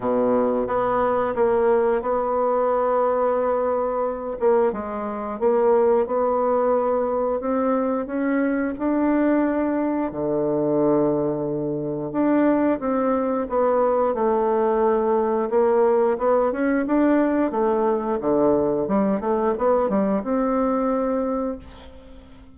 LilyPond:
\new Staff \with { instrumentName = "bassoon" } { \time 4/4 \tempo 4 = 89 b,4 b4 ais4 b4~ | b2~ b8 ais8 gis4 | ais4 b2 c'4 | cis'4 d'2 d4~ |
d2 d'4 c'4 | b4 a2 ais4 | b8 cis'8 d'4 a4 d4 | g8 a8 b8 g8 c'2 | }